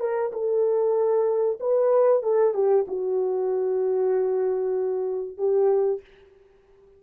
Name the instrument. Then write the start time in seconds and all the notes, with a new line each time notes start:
horn
0.00 A#4
0.32 A4
1.60 B4
2.22 A4
2.54 G4
2.87 F#4
5.38 G4